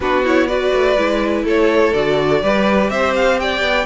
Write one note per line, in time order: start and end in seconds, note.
0.00 0.71 B3
0.00 0.24 D4
0.00 0.48 F#4
0.00 0.24 B4
0.24 0.48 E4
0.24 0.47 C#5
0.47 0.96 F#4
0.47 1.44 B4
0.47 1.44 D5
0.73 0.97 A3
0.97 1.44 G#3
0.97 1.94 E4
1.44 1.92 A3
1.44 2.41 A4
1.44 1.93 C#5
1.93 2.42 D3
1.93 2.42 F#4
1.93 2.89 D5
2.42 2.89 G3
2.42 3.85 G4
2.42 2.90 B4
2.89 3.61 C4
2.89 3.39 C5
2.89 3.14 E5
3.15 3.39 F5
3.39 3.85 D5
3.39 3.85 G5
3.61 3.85 B3